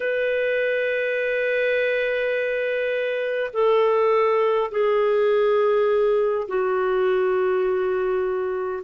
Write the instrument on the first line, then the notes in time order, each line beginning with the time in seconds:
clarinet
0.00 B4
3.53 A4
4.71 G#4
6.48 F#4